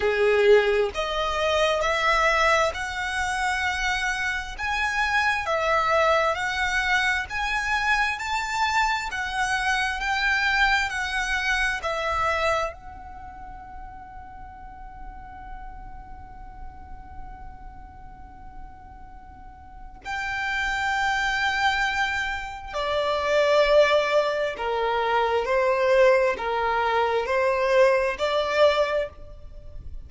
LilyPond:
\new Staff \with { instrumentName = "violin" } { \time 4/4 \tempo 4 = 66 gis'4 dis''4 e''4 fis''4~ | fis''4 gis''4 e''4 fis''4 | gis''4 a''4 fis''4 g''4 | fis''4 e''4 fis''2~ |
fis''1~ | fis''2 g''2~ | g''4 d''2 ais'4 | c''4 ais'4 c''4 d''4 | }